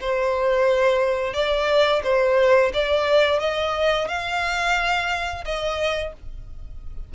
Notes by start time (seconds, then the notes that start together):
0.00 C5
1.33 D5
2.03 C5
2.73 D5
3.39 D#5
4.08 F5
5.44 D#5